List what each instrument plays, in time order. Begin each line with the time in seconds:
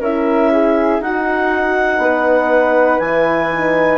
0.00 bassoon C#4, horn E4, flute A#4, clarinet E5
0.51 flute G#4
1.00 bassoon D#4, horn D#4, flute F#4, clarinet F#5
1.98 bassoon B3, flute B4
2.99 bassoon E3, horn E4, clarinet G#5
3.52 horn D#4